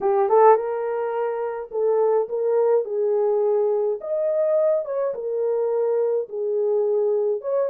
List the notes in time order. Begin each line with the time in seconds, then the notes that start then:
0.00 G4
0.29 A4
0.55 A#4
1.71 A4
2.29 A#4
2.84 G#4
4.01 D#5
4.85 C#5
5.14 A#4
6.28 G#4
7.41 C#5